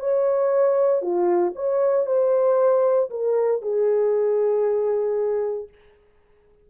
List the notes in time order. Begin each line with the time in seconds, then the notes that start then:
0.00 C#5
1.02 F4
1.56 C#5
2.06 C5
3.10 A#4
3.62 G#4